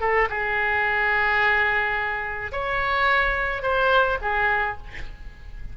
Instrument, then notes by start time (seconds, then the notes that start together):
oboe
0.00 A4
0.29 G#4
2.52 C#5
3.62 C5
4.21 G#4